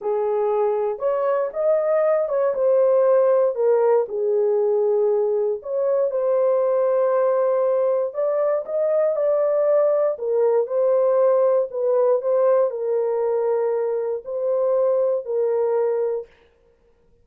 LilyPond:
\new Staff \with { instrumentName = "horn" } { \time 4/4 \tempo 4 = 118 gis'2 cis''4 dis''4~ | dis''8 cis''8 c''2 ais'4 | gis'2. cis''4 | c''1 |
d''4 dis''4 d''2 | ais'4 c''2 b'4 | c''4 ais'2. | c''2 ais'2 | }